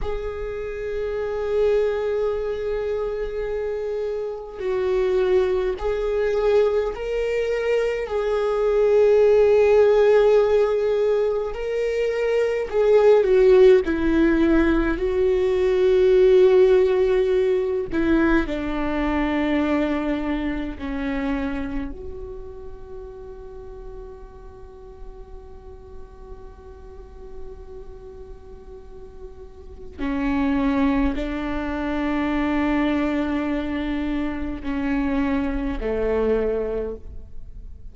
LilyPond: \new Staff \with { instrumentName = "viola" } { \time 4/4 \tempo 4 = 52 gis'1 | fis'4 gis'4 ais'4 gis'4~ | gis'2 ais'4 gis'8 fis'8 | e'4 fis'2~ fis'8 e'8 |
d'2 cis'4 fis'4~ | fis'1~ | fis'2 cis'4 d'4~ | d'2 cis'4 a4 | }